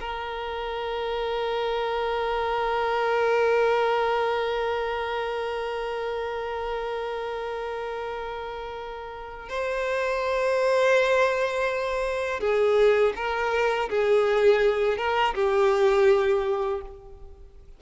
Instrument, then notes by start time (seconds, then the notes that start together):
violin
0.00 A#4
9.49 C5
12.40 G#4
13.16 A#4
13.89 G#4
14.97 A#4
15.34 G4